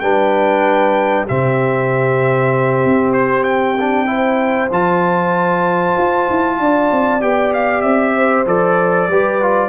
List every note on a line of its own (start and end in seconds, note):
0.00 1.26 G3
0.00 1.27 D4
0.00 1.24 B4
0.00 1.25 G5
1.24 2.85 C3
1.24 3.78 C4
1.24 4.06 G4
1.24 3.13 E5
2.85 4.70 C4
3.13 3.43 C5
3.43 4.68 G5
3.79 4.06 D4
4.06 4.68 E4
4.06 6.58 C5
4.70 5.95 F3
4.70 7.20 F4
4.70 7.21 A5
5.97 6.28 F4
6.29 6.59 E4
6.59 6.90 D4
6.59 8.16 D5
6.91 7.22 C4
7.20 7.83 B3
7.20 8.45 G4
7.20 7.53 G5
7.53 7.81 F5
7.81 8.45 C4
7.81 8.44 E5
8.16 9.09 C5
8.46 9.08 F3
8.46 9.08 A4
8.46 9.69 D5
9.08 9.69 G3
9.08 9.41 G4
9.08 9.69 B4
9.41 9.69 F4